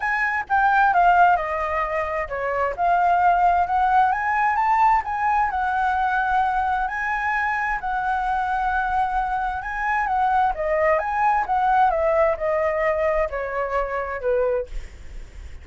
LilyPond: \new Staff \with { instrumentName = "flute" } { \time 4/4 \tempo 4 = 131 gis''4 g''4 f''4 dis''4~ | dis''4 cis''4 f''2 | fis''4 gis''4 a''4 gis''4 | fis''2. gis''4~ |
gis''4 fis''2.~ | fis''4 gis''4 fis''4 dis''4 | gis''4 fis''4 e''4 dis''4~ | dis''4 cis''2 b'4 | }